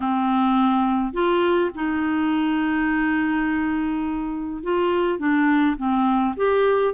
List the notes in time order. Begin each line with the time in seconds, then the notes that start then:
0.00 C4
1.13 F4
1.74 D#4
4.63 F4
5.18 D4
5.77 C4
6.36 G4